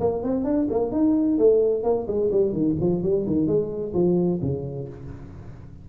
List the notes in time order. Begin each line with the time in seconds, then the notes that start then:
0.00 A#3
0.23 C4
0.44 D4
0.70 A#3
0.92 D#4
1.38 A3
1.83 A#3
2.07 G#3
2.31 G3
2.53 D#3
2.80 F3
3.03 G3
3.27 D#3
3.47 G#3
3.94 F3
4.42 C#3